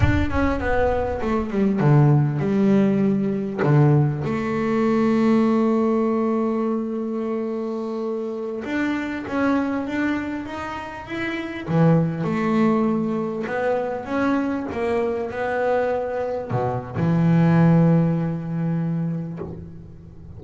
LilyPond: \new Staff \with { instrumentName = "double bass" } { \time 4/4 \tempo 4 = 99 d'8 cis'8 b4 a8 g8 d4 | g2 d4 a4~ | a1~ | a2~ a16 d'4 cis'8.~ |
cis'16 d'4 dis'4 e'4 e8.~ | e16 a2 b4 cis'8.~ | cis'16 ais4 b2 b,8. | e1 | }